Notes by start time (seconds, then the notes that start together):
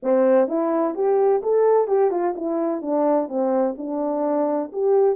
0.03 C4
0.48 E4
0.94 G4
1.42 A4
1.87 G4
2.11 F4
2.35 E4
2.81 D4
3.28 C4
3.77 D4
4.72 G4